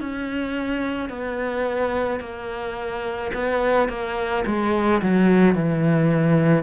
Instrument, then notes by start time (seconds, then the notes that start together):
cello
0.00 C#4
1.09 B3
2.20 A#3
3.34 B3
3.88 A#3
4.46 G#3
5.02 F#3
5.55 E3